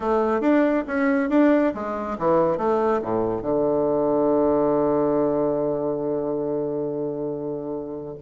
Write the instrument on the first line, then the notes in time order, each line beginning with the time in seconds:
bassoon
0.00 A3
0.40 D4
0.87 C#4
1.29 D4
1.74 G#3
2.18 E3
2.57 A3
3.02 A2
3.41 D3